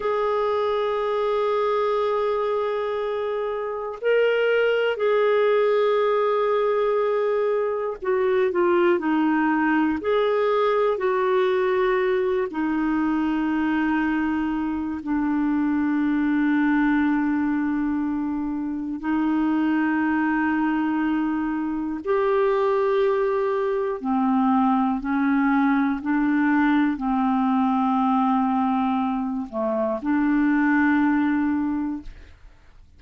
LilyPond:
\new Staff \with { instrumentName = "clarinet" } { \time 4/4 \tempo 4 = 60 gis'1 | ais'4 gis'2. | fis'8 f'8 dis'4 gis'4 fis'4~ | fis'8 dis'2~ dis'8 d'4~ |
d'2. dis'4~ | dis'2 g'2 | c'4 cis'4 d'4 c'4~ | c'4. a8 d'2 | }